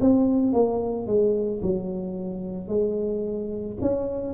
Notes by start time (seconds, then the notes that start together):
0.00 C4
0.53 A#3
1.07 G#3
1.62 F#3
2.67 G#3
3.81 C#4